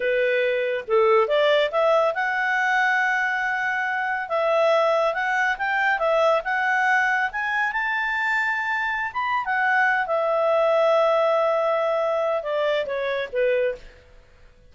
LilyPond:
\new Staff \with { instrumentName = "clarinet" } { \time 4/4 \tempo 4 = 140 b'2 a'4 d''4 | e''4 fis''2.~ | fis''2 e''2 | fis''4 g''4 e''4 fis''4~ |
fis''4 gis''4 a''2~ | a''4~ a''16 b''8. fis''4. e''8~ | e''1~ | e''4 d''4 cis''4 b'4 | }